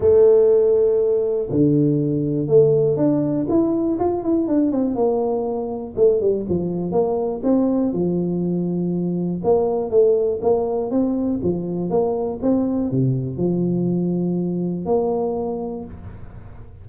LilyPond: \new Staff \with { instrumentName = "tuba" } { \time 4/4 \tempo 4 = 121 a2. d4~ | d4 a4 d'4 e'4 | f'8 e'8 d'8 c'8 ais2 | a8 g8 f4 ais4 c'4 |
f2. ais4 | a4 ais4 c'4 f4 | ais4 c'4 c4 f4~ | f2 ais2 | }